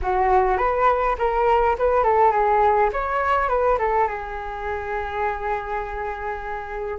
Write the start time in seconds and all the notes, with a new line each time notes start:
0.02 F#4
0.57 B4
1.18 A#4
1.78 B4
2.03 A4
2.31 G#4
2.93 C#5
3.48 B4
3.78 A4
4.07 G#4